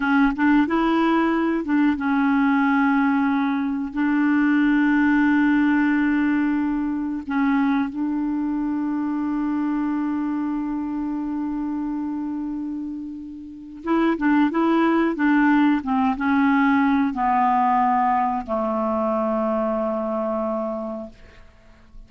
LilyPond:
\new Staff \with { instrumentName = "clarinet" } { \time 4/4 \tempo 4 = 91 cis'8 d'8 e'4. d'8 cis'4~ | cis'2 d'2~ | d'2. cis'4 | d'1~ |
d'1~ | d'4 e'8 d'8 e'4 d'4 | c'8 cis'4. b2 | a1 | }